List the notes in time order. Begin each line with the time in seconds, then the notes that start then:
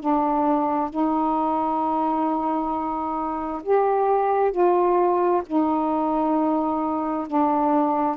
0.00 D4
0.90 D#4
3.63 G4
4.51 F4
5.46 D#4
7.27 D4